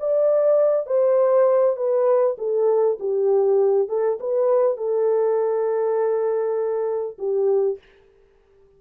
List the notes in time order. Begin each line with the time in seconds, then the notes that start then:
0.00 D5
0.87 C5
1.77 B4
2.38 A4
3.00 G4
3.89 A4
4.20 B4
4.77 A4
7.19 G4